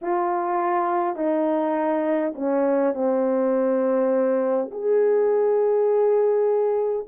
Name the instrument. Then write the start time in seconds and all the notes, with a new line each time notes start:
horn
0.01 F4
1.16 D#4
2.35 C#4
2.94 C4
4.71 G#4